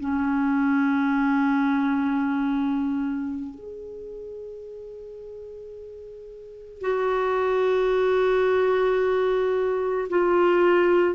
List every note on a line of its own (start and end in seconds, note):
0.00 3.55 C#4
3.55 6.81 G#4
6.81 10.08 F#4
10.10 11.15 F4